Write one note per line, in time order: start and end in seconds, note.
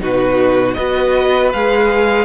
0.00 0.76 B2
0.00 0.76 D#4
0.00 0.77 F#4
0.00 0.74 B4
0.74 1.54 B3
0.74 1.53 F#4
0.74 2.25 B4
0.74 1.50 D#5
1.53 2.25 G#3
1.53 2.25 G#4
1.53 2.25 F5